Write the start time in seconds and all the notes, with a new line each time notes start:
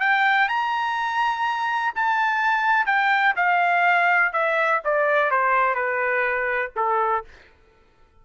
0.00 G5
0.48 A#5
1.95 A5
2.86 G5
3.36 F5
4.33 E5
4.84 D5
5.31 C5
5.75 B4
6.76 A4